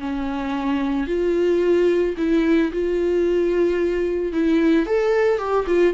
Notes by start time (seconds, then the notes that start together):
0.00 C#4
1.07 F4
2.18 E4
2.72 F4
4.33 E4
4.86 A4
5.39 G4
5.67 F4